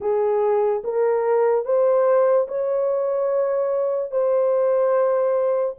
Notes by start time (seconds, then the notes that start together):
0.00 G#4
0.84 A#4
1.65 C5
2.47 C#5
4.11 C5